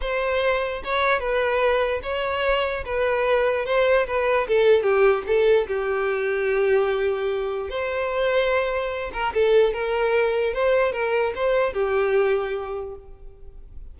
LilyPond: \new Staff \with { instrumentName = "violin" } { \time 4/4 \tempo 4 = 148 c''2 cis''4 b'4~ | b'4 cis''2 b'4~ | b'4 c''4 b'4 a'4 | g'4 a'4 g'2~ |
g'2. c''4~ | c''2~ c''8 ais'8 a'4 | ais'2 c''4 ais'4 | c''4 g'2. | }